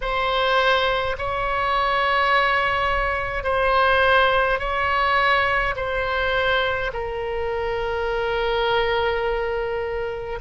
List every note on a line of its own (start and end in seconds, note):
0.01 1.16 C5
1.17 3.43 C#5
3.43 4.58 C5
4.59 5.74 C#5
5.75 6.91 C5
6.93 10.39 A#4